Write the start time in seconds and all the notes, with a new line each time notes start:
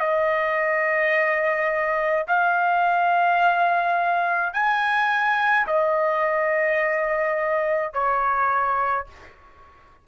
0.00 D#5
2.27 F5
4.53 G#5
5.67 D#5
7.93 C#5